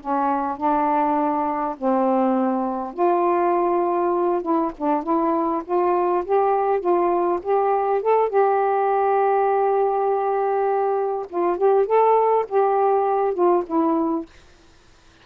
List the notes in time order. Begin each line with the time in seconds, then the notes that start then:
0.00 C#4
0.57 D4
1.78 C4
2.94 F4
4.42 E4
4.78 D4
5.03 E4
5.65 F4
6.25 G4
6.80 F4
7.42 G4
8.02 A4
8.29 G4
11.29 F4
11.58 G4
11.86 A4
12.48 G4
13.34 F4
13.66 E4